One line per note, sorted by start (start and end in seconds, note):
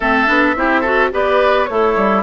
0.00 0.28 A3
0.00 0.26 C4
0.00 0.55 A4
0.00 1.12 E5
0.26 0.56 B3
0.26 0.54 D4
0.55 1.12 C4
0.55 0.84 E4
0.55 0.80 G4
0.80 1.11 F#4
0.80 1.08 A4
1.11 1.69 B3
1.11 1.67 G4
1.11 1.69 B4
1.11 1.64 D5
1.64 1.96 A3
1.64 2.22 E4
1.64 2.22 A4
1.64 2.20 C#5
1.96 2.22 G3